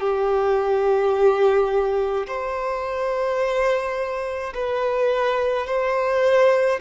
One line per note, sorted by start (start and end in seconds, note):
0.00 2.26 G4
2.27 4.53 C5
4.54 5.67 B4
5.67 6.80 C5